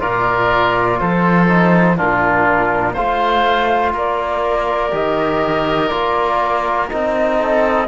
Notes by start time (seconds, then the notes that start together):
0.00 A#2 F4 A#4 D5
0.99 F3 A4 C5
1.49 D#4
1.97 A#2 D4 F4 A#4
2.94 A3 F4 C5 F5
3.94 A#3 A#4 D5
4.91 D#3 G4 D#5
5.88 A#3 F4 D5
6.89 C4 D#4 D#5
7.39 A4